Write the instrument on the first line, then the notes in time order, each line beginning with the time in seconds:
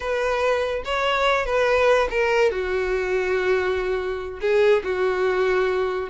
violin
0.00 B4
0.84 C#5
1.45 B4
2.10 A#4
2.51 F#4
4.41 G#4
4.83 F#4